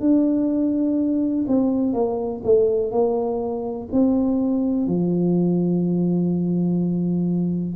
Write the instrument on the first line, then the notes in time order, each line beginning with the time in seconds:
tuba
0.00 D4
1.48 C4
1.94 A#3
2.44 A3
2.92 A#3
3.92 C4
4.87 F3